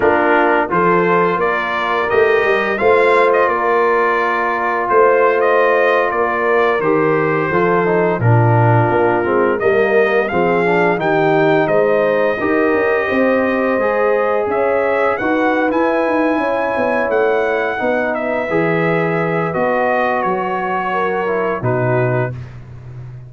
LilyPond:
<<
  \new Staff \with { instrumentName = "trumpet" } { \time 4/4 \tempo 4 = 86 ais'4 c''4 d''4 dis''4 | f''8. dis''16 d''2 c''8. dis''16~ | dis''8. d''4 c''2 ais'16~ | ais'4.~ ais'16 dis''4 f''4 g''16~ |
g''8. dis''2.~ dis''16~ | dis''8. e''4 fis''8. gis''4.~ | gis''8 fis''4. e''2 | dis''4 cis''2 b'4 | }
  \new Staff \with { instrumentName = "horn" } { \time 4/4 f'4 a'4 ais'2 | c''4 ais'2 c''4~ | c''8. ais'2 a'4 f'16~ | f'4.~ f'16 ais'4 gis'4 g'16~ |
g'8. c''4 ais'4 c''4~ c''16~ | c''8. cis''4 b'4.~ b'16 cis''8~ | cis''4. b'2~ b'8~ | b'2 ais'4 fis'4 | }
  \new Staff \with { instrumentName = "trombone" } { \time 4/4 d'4 f'2 g'4 | f'1~ | f'4.~ f'16 g'4 f'8 dis'8 d'16~ | d'4~ d'16 c'8 ais4 c'8 d'8 dis'16~ |
dis'4.~ dis'16 g'2 gis'16~ | gis'4.~ gis'16 fis'8. e'4.~ | e'4. dis'4 gis'4. | fis'2~ fis'8 e'8 dis'4 | }
  \new Staff \with { instrumentName = "tuba" } { \time 4/4 ais4 f4 ais4 a8 g8 | a4 ais2 a4~ | a8. ais4 dis4 f4 ais,16~ | ais,8. ais8 gis8 g4 f4 dis16~ |
dis8. gis4 dis'8 cis'8 c'4 gis16~ | gis8. cis'4 dis'8. e'8 dis'8 cis'8 | b8 a4 b4 e4. | b4 fis2 b,4 | }
>>